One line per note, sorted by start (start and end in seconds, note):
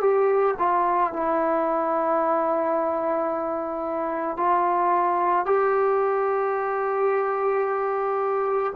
0.00 0.55 G4
0.59 1.13 F4
1.13 4.37 E4
4.37 5.45 F4
5.45 8.73 G4